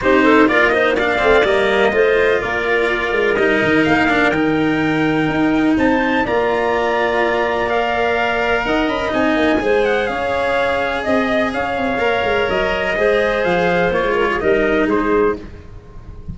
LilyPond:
<<
  \new Staff \with { instrumentName = "trumpet" } { \time 4/4 \tempo 4 = 125 c''4 d''8 dis''8 f''4 dis''4~ | dis''4 d''2 dis''4 | f''4 g''2. | a''4 ais''2. |
f''2 fis''8 b''8 gis''4~ | gis''8 fis''8 f''2 dis''4 | f''2 dis''2 | f''4 cis''4 dis''4 c''4 | }
  \new Staff \with { instrumentName = "clarinet" } { \time 4/4 g'8 a'8 ais'8 c''8 d''2 | c''4 ais'2.~ | ais'1 | c''4 d''2.~ |
d''2 dis''2 | c''4 cis''2 dis''4 | cis''2. c''4~ | c''4. ais'16 gis'16 ais'4 gis'4 | }
  \new Staff \with { instrumentName = "cello" } { \time 4/4 dis'4 f'8 dis'8 d'8 c'8 ais4 | f'2. dis'4~ | dis'8 d'8 dis'2.~ | dis'4 f'2. |
ais'2. dis'4 | gis'1~ | gis'4 ais'2 gis'4~ | gis'4 f'4 dis'2 | }
  \new Staff \with { instrumentName = "tuba" } { \time 4/4 c'4 ais4. a8 g4 | a4 ais4. gis8 g8 dis8 | ais4 dis2 dis'4 | c'4 ais2.~ |
ais2 dis'8 cis'8 c'8 ais8 | gis4 cis'2 c'4 | cis'8 c'8 ais8 gis8 fis4 gis4 | f4 ais16 gis8. g4 gis4 | }
>>